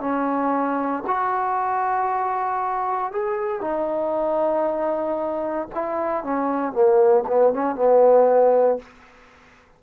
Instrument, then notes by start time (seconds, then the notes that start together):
trombone
0.00 C#4
1.07 F#4
3.12 G#4
3.61 D#4
5.75 E4
6.24 C#4
6.72 A#3
7.27 B3
7.53 C#4
7.75 B3